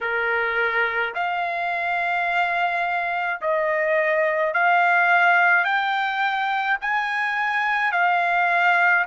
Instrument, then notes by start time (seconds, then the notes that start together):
trumpet
0.00 A#4
1.14 F5
3.41 D#5
4.53 F5
5.64 G5
6.81 G#5
7.91 F5